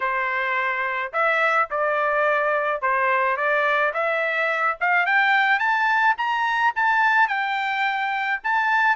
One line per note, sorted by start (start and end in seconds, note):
0.00 1.12 C5
1.12 1.68 E5
1.70 2.81 D5
2.81 3.36 C5
3.36 3.93 D5
3.93 4.77 E5
4.80 5.05 F5
5.05 5.59 G5
5.59 6.15 A5
6.17 6.73 A#5
6.75 7.28 A5
7.28 8.40 G5
8.43 8.96 A5